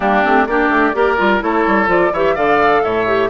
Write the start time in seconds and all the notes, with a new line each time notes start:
0.00 G3 A#3 D4 G4
0.23 A3 C4
0.46 A#3 D4 G4 D5
0.69 A3
0.93 A#3 G4 A#4
1.17 G3 F4
1.39 A3 E4 A4 C#5
1.67 G3
1.86 F3 F4 D5
2.12 E3 G4 C#5 E5
2.34 D3 A4 D5 F5
2.83 A2 C#5 E5
3.06 G4